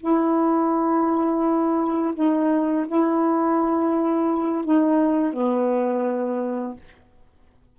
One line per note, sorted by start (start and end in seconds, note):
0.00 2.14 E4
2.15 2.86 D#4
2.87 4.65 E4
4.65 5.33 D#4
5.33 6.76 B3